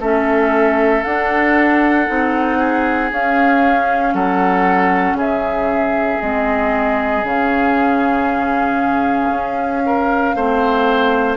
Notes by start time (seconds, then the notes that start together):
0.00 A3 C#4 A4 E5
1.04 D4 F#5
2.07 C4 D#4
2.59 G#4
3.12 C#4 F5
4.14 F#3 A4 F#5
5.14 C#3 G#4 E5
6.21 G#3 C4 D#5
7.23 C#3 C#4 F5
9.31 C#4
9.86 A#4
10.36 A3 C4 C5